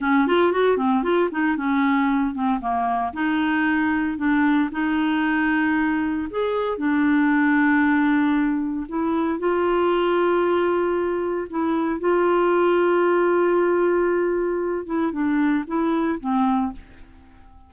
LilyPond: \new Staff \with { instrumentName = "clarinet" } { \time 4/4 \tempo 4 = 115 cis'8 f'8 fis'8 c'8 f'8 dis'8 cis'4~ | cis'8 c'8 ais4 dis'2 | d'4 dis'2. | gis'4 d'2.~ |
d'4 e'4 f'2~ | f'2 e'4 f'4~ | f'1~ | f'8 e'8 d'4 e'4 c'4 | }